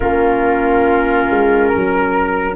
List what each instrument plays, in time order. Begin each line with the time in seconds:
0.00 tuba A#3, clarinet C#4, flute F4, trumpet A#4
1.30 tuba G#3
1.68 flute A#4
1.75 tuba F#3